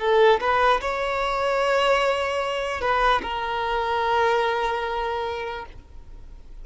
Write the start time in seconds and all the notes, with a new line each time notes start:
0.00 A4
0.41 B4
0.81 C#5
2.81 B4
3.22 A#4